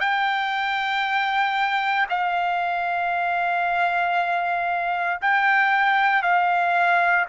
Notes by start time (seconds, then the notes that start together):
0.00 G5
2.10 F5
5.22 G5
6.23 F5